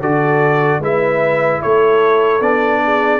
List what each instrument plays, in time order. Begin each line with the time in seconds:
0.00 tuba D3, trombone F#4, horn A4, trumpet D5
0.79 tuba G#3, trombone E4, horn B4, trumpet E5
1.62 tuba A3, horn A4, trumpet C#5
2.40 tuba B3, trombone D4, trumpet D5
2.83 horn G#4